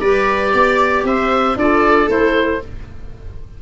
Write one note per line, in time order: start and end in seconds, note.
0.00 0.52 G3
0.00 1.57 G4
0.00 0.53 B4
0.00 1.04 D5
0.54 1.04 B3
0.54 1.05 D5
1.04 1.56 C4
1.04 1.58 C5
1.04 1.58 E5
1.56 2.08 D4
1.56 2.07 F4
1.56 2.62 A4
1.56 2.10 D5
2.07 2.61 A3
2.07 2.59 E4
2.07 2.62 C5